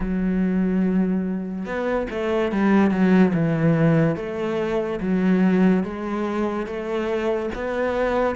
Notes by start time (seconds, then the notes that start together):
0.00 F#3
1.65 B3
2.10 A3
2.52 G3
2.91 F#3
3.33 E3
4.16 A3
5.00 F#3
5.83 G#3
6.66 A3
7.54 B3